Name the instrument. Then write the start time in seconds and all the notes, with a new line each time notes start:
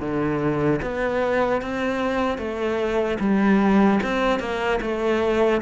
cello
0.00 D3
0.81 B3
1.61 C4
2.38 A3
3.19 G3
4.03 C4
4.39 A#3
4.81 A3